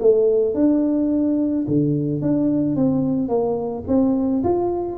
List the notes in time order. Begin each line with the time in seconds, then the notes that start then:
0.00 A3
0.55 D4
1.68 D3
2.22 D4
2.76 C4
3.29 A#3
3.88 C4
4.44 F4